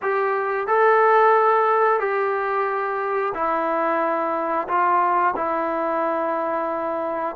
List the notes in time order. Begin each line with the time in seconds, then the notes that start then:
0.02 G4
0.67 A4
1.99 G4
3.34 E4
4.68 F4
5.35 E4